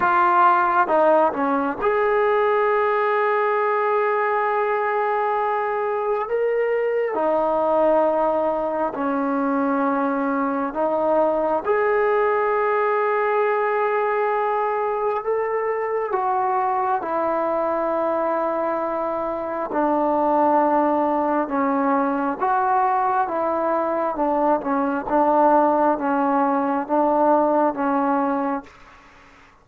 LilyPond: \new Staff \with { instrumentName = "trombone" } { \time 4/4 \tempo 4 = 67 f'4 dis'8 cis'8 gis'2~ | gis'2. ais'4 | dis'2 cis'2 | dis'4 gis'2.~ |
gis'4 a'4 fis'4 e'4~ | e'2 d'2 | cis'4 fis'4 e'4 d'8 cis'8 | d'4 cis'4 d'4 cis'4 | }